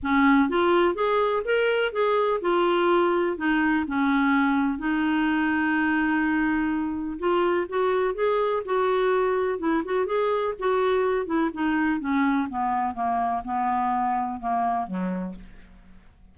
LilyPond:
\new Staff \with { instrumentName = "clarinet" } { \time 4/4 \tempo 4 = 125 cis'4 f'4 gis'4 ais'4 | gis'4 f'2 dis'4 | cis'2 dis'2~ | dis'2. f'4 |
fis'4 gis'4 fis'2 | e'8 fis'8 gis'4 fis'4. e'8 | dis'4 cis'4 b4 ais4 | b2 ais4 fis4 | }